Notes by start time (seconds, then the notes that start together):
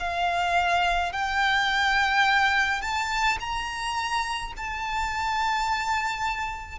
0.00 F5
1.13 G5
2.82 A5
3.40 A#5
4.57 A5